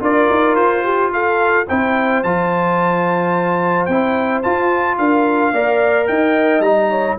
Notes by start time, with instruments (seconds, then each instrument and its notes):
0.00 tuba D4, trombone F4, horn A#4, trumpet D5
0.30 tuba D#4
0.55 tuba F4, trumpet C5
0.84 horn G4
1.13 horn A4, trumpet F5
1.68 tuba C4, trombone E4, horn C5, trumpet G5
2.23 tuba F3, trombone F4, trumpet A5
3.86 tuba C4, trombone E4, trumpet G5
4.43 trombone F4, tuba F4, trumpet A5
4.98 tuba D4, horn A#4, trumpet F5
5.53 tuba A#3, trombone A#4, horn D5
6.07 tuba D#4, horn D#5, trumpet G5
6.60 tuba G3, trombone D#4, trumpet A#5
6.90 horn C#5